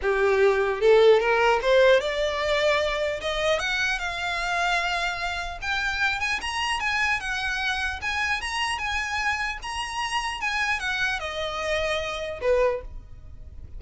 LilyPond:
\new Staff \with { instrumentName = "violin" } { \time 4/4 \tempo 4 = 150 g'2 a'4 ais'4 | c''4 d''2. | dis''4 fis''4 f''2~ | f''2 g''4. gis''8 |
ais''4 gis''4 fis''2 | gis''4 ais''4 gis''2 | ais''2 gis''4 fis''4 | dis''2. b'4 | }